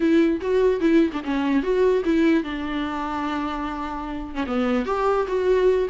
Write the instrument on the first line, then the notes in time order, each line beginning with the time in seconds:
viola
0.00 E4
0.41 F#4
0.80 E4
1.13 D4
1.24 C#4
1.62 F#4
2.04 E4
2.43 D4
4.34 C#4
4.46 B3
4.85 G4
5.27 F#4